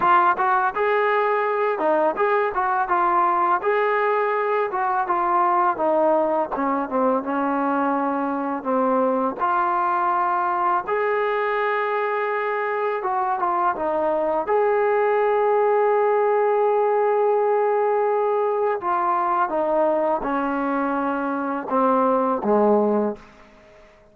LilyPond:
\new Staff \with { instrumentName = "trombone" } { \time 4/4 \tempo 4 = 83 f'8 fis'8 gis'4. dis'8 gis'8 fis'8 | f'4 gis'4. fis'8 f'4 | dis'4 cis'8 c'8 cis'2 | c'4 f'2 gis'4~ |
gis'2 fis'8 f'8 dis'4 | gis'1~ | gis'2 f'4 dis'4 | cis'2 c'4 gis4 | }